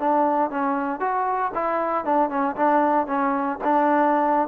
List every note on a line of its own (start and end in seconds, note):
0.00 0.51 D4
0.51 1.01 C#4
1.01 1.52 F#4
1.55 2.05 E4
2.05 2.30 D4
2.30 2.56 C#4
2.57 3.07 D4
3.07 3.59 C#4
3.64 4.49 D4